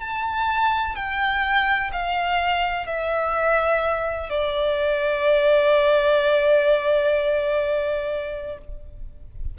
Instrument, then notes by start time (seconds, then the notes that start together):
violin
0.00 A5
0.95 G5
1.92 F5
2.86 E5
4.29 D5